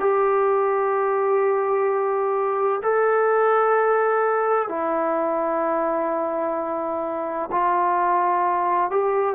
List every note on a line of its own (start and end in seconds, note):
0.00 2.81 G4
2.83 4.69 A4
4.69 7.50 E4
7.51 8.91 F4
8.91 9.35 G4